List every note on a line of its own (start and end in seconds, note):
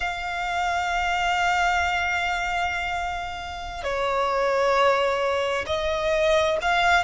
0.00 3.83 F5
3.83 5.65 C#5
5.66 6.57 D#5
6.61 7.03 F5